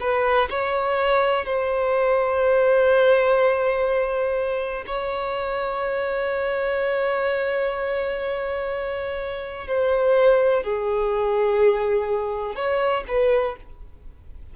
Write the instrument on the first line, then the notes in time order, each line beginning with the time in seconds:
violin
0.00 B4
0.50 C#5
1.45 C5
4.87 C#5
9.67 C5
10.63 G#4
12.55 C#5
13.08 B4